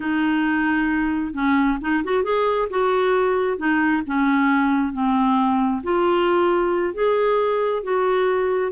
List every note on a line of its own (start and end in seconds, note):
0.00 1.33 D#4
1.33 1.78 C#4
1.81 2.03 D#4
2.04 2.23 F#4
2.23 2.68 G#4
2.69 3.57 F#4
3.57 4.02 D#4
4.06 4.92 C#4
4.92 5.82 C4
5.83 6.93 F4
6.93 7.83 G#4
7.83 8.72 F#4